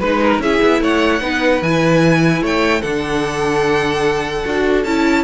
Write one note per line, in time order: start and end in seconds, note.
0.00 0.39 G#3
0.00 0.42 D#4
0.00 0.40 B4
0.00 0.20 B4
0.22 0.42 A#4
0.39 0.59 C#4
0.39 1.21 E4
0.39 0.82 G#4
0.39 0.82 E5
0.62 0.80 B3
0.80 1.20 A3
0.80 1.22 C#5
0.80 1.62 F#5
1.20 1.60 B3
1.20 1.61 D#4
1.20 2.42 B4
1.62 2.42 E3
1.62 2.82 E4
1.62 2.43 G#5
2.42 2.82 A3
2.42 2.81 C#5
2.42 2.81 G5
2.81 4.45 D3
2.81 4.44 D4
2.81 5.22 A4
2.81 4.83 F#5
4.45 4.84 D4
4.45 4.85 F#4
4.84 5.24 C#4
4.84 5.24 E4
4.84 5.24 A5